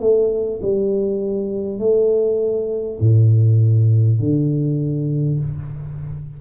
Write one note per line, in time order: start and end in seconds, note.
0.00 0.60 A3
0.62 1.78 G3
1.78 2.98 A3
3.00 4.19 A2
4.19 5.39 D3